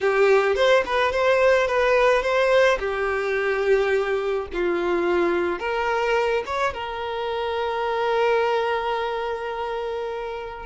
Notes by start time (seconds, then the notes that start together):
0.00 G4
0.55 C5
0.85 B4
1.12 C5
1.67 B4
2.22 C5
2.79 G4
4.53 F4
5.59 A#4
6.46 C#5
6.73 A#4